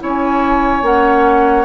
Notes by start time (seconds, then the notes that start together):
0.00 C#4 E4 C#5 G#5
0.82 A#3 C#4 F#5